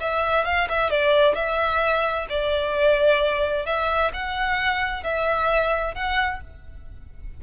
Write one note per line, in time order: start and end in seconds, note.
0.00 0.45 E5
0.45 0.68 F5
0.69 0.90 E5
0.90 1.35 D5
1.35 2.27 E5
2.30 3.66 D5
3.66 4.12 E5
4.13 5.03 F#5
5.03 5.95 E5
5.95 6.40 F#5